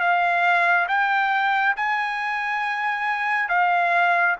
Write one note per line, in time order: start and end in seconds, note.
0.00 0.87 F5
0.88 1.75 G5
1.76 3.49 G#5
3.49 4.36 F5